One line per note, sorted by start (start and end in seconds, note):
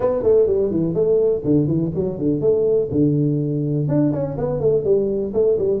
0.00 0.22 B3
0.22 0.46 A3
0.46 0.70 G3
0.70 0.94 E3
0.94 1.42 A3
1.44 1.67 D3
1.67 1.91 E3
1.94 2.18 F#3
2.18 2.40 D3
2.40 2.89 A3
2.91 3.88 D3
3.88 4.12 D4
4.12 4.37 C#4
4.37 4.60 B3
4.60 4.84 A3
4.84 5.32 G3
5.33 5.57 A3
5.58 5.80 G3